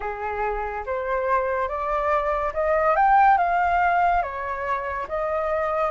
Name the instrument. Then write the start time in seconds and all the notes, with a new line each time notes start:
flute
0.00 G#4
0.86 C5
1.68 D5
2.53 D#5
2.95 G5
3.37 F5
4.22 C#5
5.08 D#5